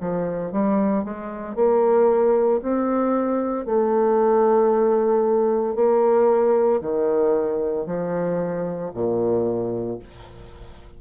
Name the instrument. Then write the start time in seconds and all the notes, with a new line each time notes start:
bassoon
0.00 F3
0.52 G3
1.04 G#3
1.56 A#3
2.62 C4
3.66 A3
5.75 A#3
6.81 D#3
7.86 F3
8.94 A#2